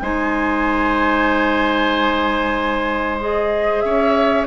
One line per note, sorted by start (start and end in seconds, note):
0.00 3.84 G#3
0.00 3.20 D#4
0.00 3.85 C5
0.00 3.19 G#5
3.20 4.48 G#4
3.20 3.81 D#5
3.81 4.48 C#4
3.81 4.48 C#5
3.81 4.45 E5